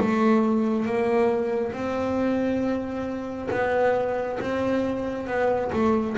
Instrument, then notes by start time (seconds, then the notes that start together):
double bass
0.00 A3
0.86 A#3
1.73 C4
3.51 B3
4.40 C4
5.27 B3
5.73 A3